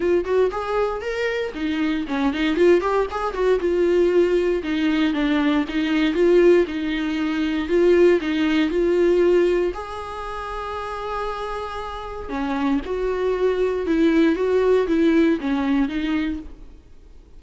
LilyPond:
\new Staff \with { instrumentName = "viola" } { \time 4/4 \tempo 4 = 117 f'8 fis'8 gis'4 ais'4 dis'4 | cis'8 dis'8 f'8 g'8 gis'8 fis'8 f'4~ | f'4 dis'4 d'4 dis'4 | f'4 dis'2 f'4 |
dis'4 f'2 gis'4~ | gis'1 | cis'4 fis'2 e'4 | fis'4 e'4 cis'4 dis'4 | }